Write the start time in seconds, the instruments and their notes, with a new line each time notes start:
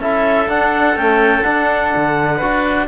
0.00 cello C#4, trombone E4, oboe A4, clarinet E5
0.48 trombone D4, cello D4, clarinet F#5
0.96 trombone A3, cello C#4, clarinet G5
1.43 trombone D4, cello D4, clarinet F#5
1.96 cello D3
2.37 cello D4, trombone F#4, oboe B4